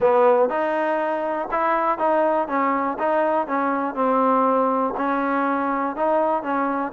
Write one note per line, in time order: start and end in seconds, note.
0.00 0.49 B3
0.49 1.48 D#4
1.51 1.98 E4
1.98 2.47 D#4
2.48 2.97 C#4
2.98 3.47 D#4
3.47 3.94 C#4
3.94 4.93 C4
4.97 5.95 C#4
5.95 6.42 D#4
6.42 6.92 C#4